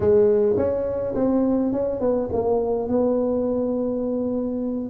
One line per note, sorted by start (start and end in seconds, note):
0.00 0.56 G#3
0.56 1.14 C#4
1.15 1.72 C4
1.72 2.00 C#4
2.00 2.29 B3
2.32 2.88 A#3
2.88 4.89 B3